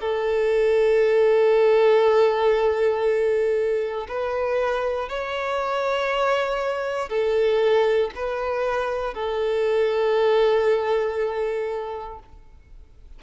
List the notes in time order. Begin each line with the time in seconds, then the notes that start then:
0.00 A4
4.08 B4
5.08 C#5
7.09 A4
8.15 B4
9.14 A4